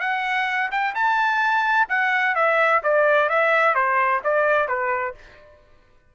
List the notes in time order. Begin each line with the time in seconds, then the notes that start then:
0.00 F#5
0.71 G5
0.95 A5
1.89 F#5
2.35 E5
2.83 D5
3.29 E5
3.75 C5
4.24 D5
4.68 B4